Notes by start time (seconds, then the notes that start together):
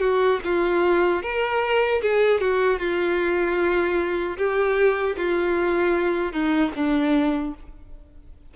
0.00 F#4
0.44 F4
1.22 A#4
2.02 G#4
2.40 F#4
2.79 F4
4.37 G4
5.17 F4
6.32 D#4
6.75 D4